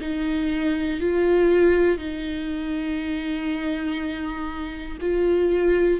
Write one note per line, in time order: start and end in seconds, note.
0.00 1.00 D#4
1.00 1.97 F4
1.97 4.97 D#4
5.00 6.00 F4